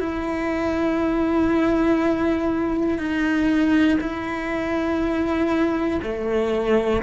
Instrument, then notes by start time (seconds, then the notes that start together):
cello
0.00 E4
2.99 D#4
4.01 E4
6.03 A3